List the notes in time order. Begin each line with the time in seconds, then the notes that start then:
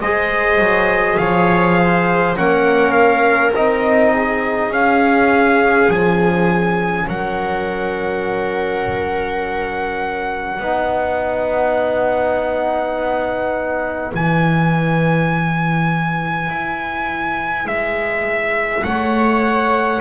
0.00 G#3 G#4 C5 D#5
0.59 F#3
1.17 F3 C#5 F5
1.78 C5
2.36 A#3 C#4 A#4 F#5
2.92 F5
3.54 C4 D#4 D#5
4.12 G#4
4.70 C#4 F5
5.88 F3 G#5
7.07 F#3 A#4 F#5
10.60 B3 D#4 B4
14.14 E3 E4 G#5
16.49 E4
17.65 G#3 E5
18.84 A3 C#5 F#5